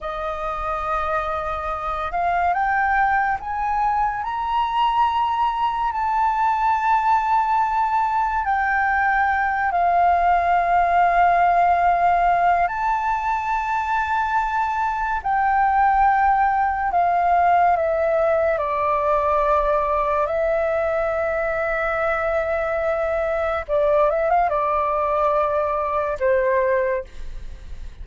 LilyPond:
\new Staff \with { instrumentName = "flute" } { \time 4/4 \tempo 4 = 71 dis''2~ dis''8 f''8 g''4 | gis''4 ais''2 a''4~ | a''2 g''4. f''8~ | f''2. a''4~ |
a''2 g''2 | f''4 e''4 d''2 | e''1 | d''8 e''16 f''16 d''2 c''4 | }